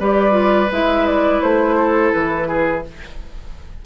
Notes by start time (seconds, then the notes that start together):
0.00 G3 G4 B4 D5
0.31 F4
0.71 G#3 E4 E5
1.07 D5
1.42 A3 C5
1.78 A4
2.12 E3 B4
2.48 G#4